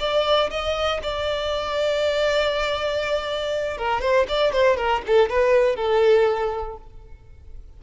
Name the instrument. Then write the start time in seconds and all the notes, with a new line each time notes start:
violin
0.00 D5
0.51 D#5
1.03 D5
3.78 A#4
4.02 C5
4.29 D5
4.53 C5
4.77 A#4
5.07 A4
5.30 B4
5.76 A4